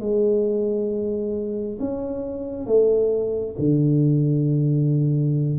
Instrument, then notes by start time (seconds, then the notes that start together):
tuba
0.00 G#3
1.80 C#4
2.67 A3
3.59 D3